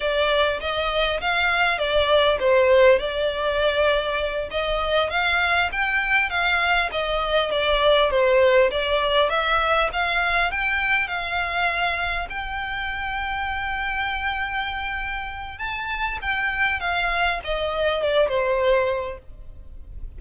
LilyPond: \new Staff \with { instrumentName = "violin" } { \time 4/4 \tempo 4 = 100 d''4 dis''4 f''4 d''4 | c''4 d''2~ d''8 dis''8~ | dis''8 f''4 g''4 f''4 dis''8~ | dis''8 d''4 c''4 d''4 e''8~ |
e''8 f''4 g''4 f''4.~ | f''8 g''2.~ g''8~ | g''2 a''4 g''4 | f''4 dis''4 d''8 c''4. | }